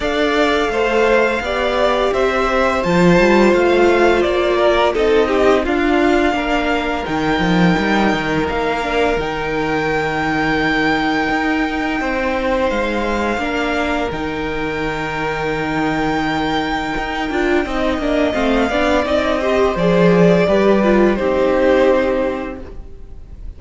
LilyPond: <<
  \new Staff \with { instrumentName = "violin" } { \time 4/4 \tempo 4 = 85 f''2. e''4 | a''4 f''4 d''4 dis''4 | f''2 g''2 | f''4 g''2.~ |
g''2 f''2 | g''1~ | g''2 f''4 dis''4 | d''2 c''2 | }
  \new Staff \with { instrumentName = "violin" } { \time 4/4 d''4 c''4 d''4 c''4~ | c''2~ c''8 ais'8 a'8 g'8 | f'4 ais'2.~ | ais'1~ |
ais'4 c''2 ais'4~ | ais'1~ | ais'4 dis''4. d''4 c''8~ | c''4 b'4 g'2 | }
  \new Staff \with { instrumentName = "viola" } { \time 4/4 a'2 g'2 | f'2. dis'4 | d'2 dis'2~ | dis'8 d'8 dis'2.~ |
dis'2. d'4 | dis'1~ | dis'8 f'8 dis'8 d'8 c'8 d'8 dis'8 g'8 | gis'4 g'8 f'8 dis'2 | }
  \new Staff \with { instrumentName = "cello" } { \time 4/4 d'4 a4 b4 c'4 | f8 g8 a4 ais4 c'4 | d'4 ais4 dis8 f8 g8 dis8 | ais4 dis2. |
dis'4 c'4 gis4 ais4 | dis1 | dis'8 d'8 c'8 ais8 a8 b8 c'4 | f4 g4 c'2 | }
>>